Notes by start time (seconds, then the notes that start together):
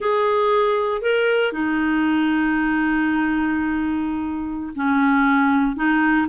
0.00 G#4
1.01 A#4
1.52 D#4
4.75 C#4
5.76 D#4